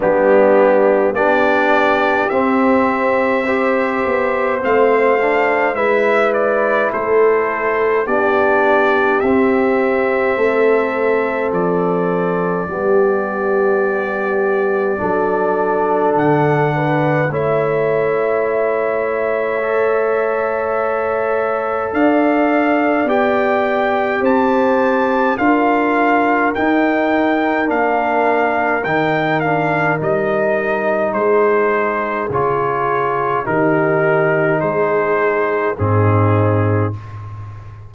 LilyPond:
<<
  \new Staff \with { instrumentName = "trumpet" } { \time 4/4 \tempo 4 = 52 g'4 d''4 e''2 | f''4 e''8 d''8 c''4 d''4 | e''2 d''2~ | d''2 fis''4 e''4~ |
e''2. f''4 | g''4 a''4 f''4 g''4 | f''4 g''8 f''8 dis''4 c''4 | cis''4 ais'4 c''4 gis'4 | }
  \new Staff \with { instrumentName = "horn" } { \time 4/4 d'4 g'2 c''4~ | c''4 b'4 a'4 g'4~ | g'4 a'2 g'4~ | g'4 a'4. b'8 cis''4~ |
cis''2. d''4~ | d''4 c''4 ais'2~ | ais'2. gis'4~ | gis'4 g'4 gis'4 dis'4 | }
  \new Staff \with { instrumentName = "trombone" } { \time 4/4 b4 d'4 c'4 g'4 | c'8 d'8 e'2 d'4 | c'2. b4~ | b4 d'2 e'4~ |
e'4 a'2. | g'2 f'4 dis'4 | d'4 dis'8 d'8 dis'2 | f'4 dis'2 c'4 | }
  \new Staff \with { instrumentName = "tuba" } { \time 4/4 g4 b4 c'4. b8 | a4 gis4 a4 b4 | c'4 a4 f4 g4~ | g4 fis4 d4 a4~ |
a2. d'4 | b4 c'4 d'4 dis'4 | ais4 dis4 g4 gis4 | cis4 dis4 gis4 gis,4 | }
>>